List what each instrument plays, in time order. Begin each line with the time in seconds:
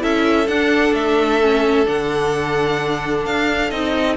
0.00 cello C#4, viola E4, violin A4 E5
0.48 cello D4, viola D4, violin F#5
0.93 cello A3, violin E5
1.42 viola C#4
1.85 cello D3, viola D4, violin F#5
3.26 cello D4, violin F5
3.70 cello C4, viola D#4, violin D#5